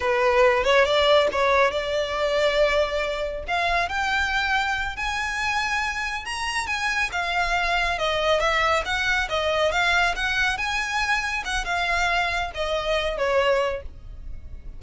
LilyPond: \new Staff \with { instrumentName = "violin" } { \time 4/4 \tempo 4 = 139 b'4. cis''8 d''4 cis''4 | d''1 | f''4 g''2~ g''8 gis''8~ | gis''2~ gis''8 ais''4 gis''8~ |
gis''8 f''2 dis''4 e''8~ | e''8 fis''4 dis''4 f''4 fis''8~ | fis''8 gis''2 fis''8 f''4~ | f''4 dis''4. cis''4. | }